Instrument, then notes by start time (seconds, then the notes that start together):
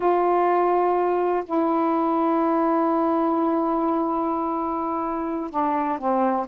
saxophone
0.00 F4
1.45 E4
5.50 D4
5.98 C4